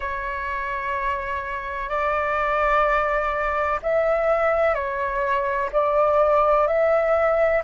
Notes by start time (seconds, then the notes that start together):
0.00 C#5
1.89 D5
3.82 E5
4.74 C#5
5.72 D5
6.67 E5